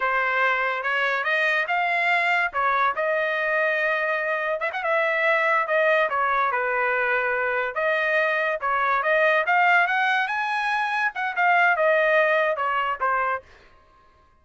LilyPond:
\new Staff \with { instrumentName = "trumpet" } { \time 4/4 \tempo 4 = 143 c''2 cis''4 dis''4 | f''2 cis''4 dis''4~ | dis''2. e''16 fis''16 e''8~ | e''4. dis''4 cis''4 b'8~ |
b'2~ b'8 dis''4.~ | dis''8 cis''4 dis''4 f''4 fis''8~ | fis''8 gis''2 fis''8 f''4 | dis''2 cis''4 c''4 | }